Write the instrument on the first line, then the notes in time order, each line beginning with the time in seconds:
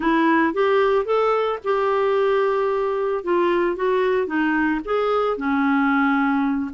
clarinet
0.00 E4
0.53 G4
1.05 A4
1.63 G4
3.24 F4
3.76 F#4
4.27 D#4
4.85 G#4
5.37 C#4